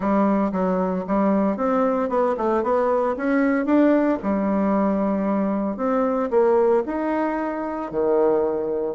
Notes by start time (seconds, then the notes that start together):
0.00 G3
0.52 F#3
1.07 G3
1.56 C4
2.09 B3
2.37 A3
2.63 B3
3.16 C#4
3.65 D4
4.22 G3
5.77 C4
6.30 A#3
6.85 D#4
7.91 D#3